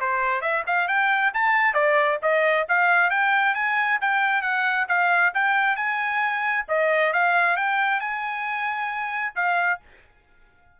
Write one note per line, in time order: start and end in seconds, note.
0.00 0.41 C5
0.41 0.63 E5
0.67 0.88 F5
0.88 1.32 G5
1.34 1.74 A5
1.74 2.18 D5
2.22 2.66 D#5
2.69 3.10 F5
3.10 3.55 G5
3.55 3.99 G#5
4.01 4.42 G5
4.42 4.86 F#5
4.88 5.33 F5
5.34 5.76 G5
5.76 6.65 G#5
6.68 7.13 D#5
7.13 7.56 F5
7.56 8.00 G5
8.00 9.34 G#5
9.35 9.80 F5